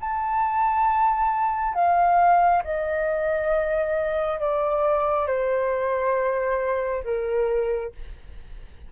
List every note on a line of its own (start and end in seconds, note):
0.00 1.74 A5
1.74 2.62 F5
2.63 4.39 D#5
4.39 5.27 D5
5.27 7.03 C5
7.03 7.92 A#4